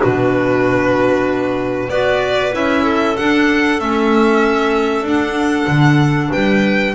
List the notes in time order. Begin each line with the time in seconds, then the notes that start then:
0.00 B2 D4 F#4 B4
1.88 B3 F#4 B4 D5
2.52 C#4 E4 E5
2.83 A4
3.17 D4 F#5
3.80 A3 C#4 E5
5.02 D4 F#5
5.67 D3
6.31 G3 B4 G5